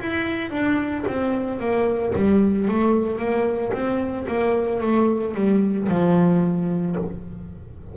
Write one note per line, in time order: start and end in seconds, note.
0.00 0.51 E4
0.51 1.04 D4
1.07 1.60 C4
1.60 2.13 A#3
2.15 2.68 G3
2.68 3.19 A3
3.19 3.73 A#3
3.73 4.26 C4
4.28 4.81 A#3
4.81 5.34 A3
5.34 5.88 G3
5.89 6.96 F3